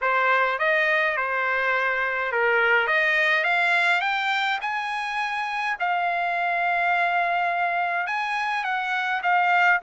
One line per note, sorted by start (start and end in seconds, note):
0.01 0.58 C5
0.58 1.16 D#5
1.16 2.32 C5
2.32 2.87 A#4
2.87 3.44 D#5
3.44 4.01 F5
4.01 4.59 G5
4.61 5.76 G#5
5.79 8.06 F5
8.06 8.64 G#5
8.64 9.21 F#5
9.23 9.80 F5